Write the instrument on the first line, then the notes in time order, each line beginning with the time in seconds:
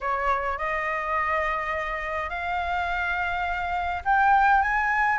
flute
0.00 C#5
0.58 D#5
2.29 F5
4.05 G5
4.62 G#5